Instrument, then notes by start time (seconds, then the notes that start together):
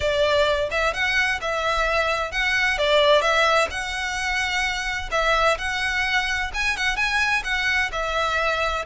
violin
0.00 D5
0.70 E5
0.93 F#5
1.41 E5
2.31 F#5
2.78 D5
3.21 E5
3.70 F#5
5.11 E5
5.58 F#5
6.53 G#5
6.76 F#5
6.96 G#5
7.44 F#5
7.92 E5